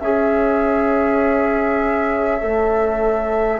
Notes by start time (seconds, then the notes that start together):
0.00 C#4 G#4 C#5 E5
2.41 A3 A4